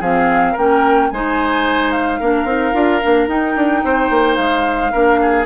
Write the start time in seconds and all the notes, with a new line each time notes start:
0.00 F3 C4 G#4 F5
0.53 A#3 C#4 A#4 G5
1.10 G#3 D#4 C5 G#5
1.92 F5
2.20 A#3 D4 A#4
2.45 C4 D#4
2.74 D4 F4
3.02 A#3 D4
3.28 D#4 G5
3.56 D4
3.84 C4 C5
4.10 A#3
4.36 G#3 F5
4.92 A#3 D4 A#4
5.22 G#4